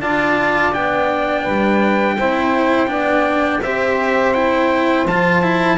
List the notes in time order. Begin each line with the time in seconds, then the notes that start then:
0.00 D4 F4 D5 A5
0.72 B3 D4 G5
1.42 G3 B4
2.18 C4 E4 C5
2.87 B3 D4 D5
3.61 C4 G4 C5 E5
4.34 E4 G5
5.05 F3 F4 A5
5.42 E4